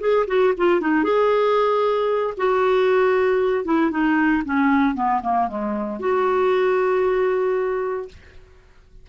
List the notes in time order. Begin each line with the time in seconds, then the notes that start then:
0.00 G#4
0.28 F#4
0.57 F4
0.81 D#4
1.04 G#4
2.37 F#4
3.65 E4
3.91 D#4
4.45 C#4
4.95 B3
5.22 A#3
5.48 G#3
6.00 F#4